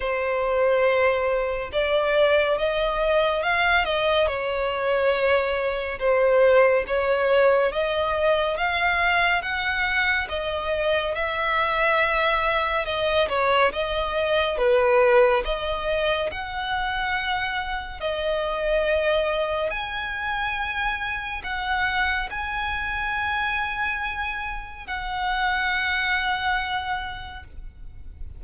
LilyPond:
\new Staff \with { instrumentName = "violin" } { \time 4/4 \tempo 4 = 70 c''2 d''4 dis''4 | f''8 dis''8 cis''2 c''4 | cis''4 dis''4 f''4 fis''4 | dis''4 e''2 dis''8 cis''8 |
dis''4 b'4 dis''4 fis''4~ | fis''4 dis''2 gis''4~ | gis''4 fis''4 gis''2~ | gis''4 fis''2. | }